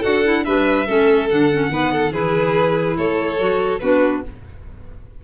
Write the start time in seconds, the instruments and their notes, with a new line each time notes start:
0.00 tuba D4, clarinet F#4, violin A4 F#5
0.24 clarinet E4
0.45 tuba G3, clarinet D4, violin B4 E5
0.87 tuba A3, clarinet C#4, violin A4
1.30 tuba D3, clarinet D4, violin F#5
1.52 clarinet C#4
1.69 tuba D#3, clarinet B3, violin B4
1.92 violin A4
2.12 tuba E3, clarinet E4, violin G#4 B4
2.97 tuba A3, violin A4 C#5
3.39 tuba F#3, clarinet F#4
3.79 tuba B3, clarinet D4, violin F#4 B4